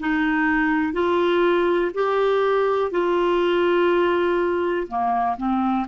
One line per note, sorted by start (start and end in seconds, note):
0.00 0.93 D#4
0.93 1.91 F4
1.94 2.91 G4
2.91 4.87 F4
4.88 5.37 A#3
5.37 5.87 C4